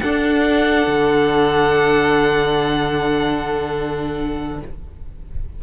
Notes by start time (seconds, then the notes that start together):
0.00 D4 A4 F#5
0.86 D3